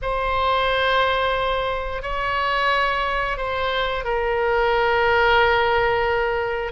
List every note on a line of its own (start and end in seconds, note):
0.02 2.02 C5
2.02 3.37 C#5
3.37 4.04 C5
4.04 6.72 A#4